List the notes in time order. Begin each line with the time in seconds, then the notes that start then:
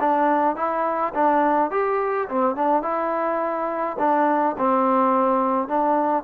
0.00 D4
0.56 E4
1.14 D4
1.71 G4
2.29 C4
2.56 D4
2.83 E4
3.99 D4
4.58 C4
5.68 D4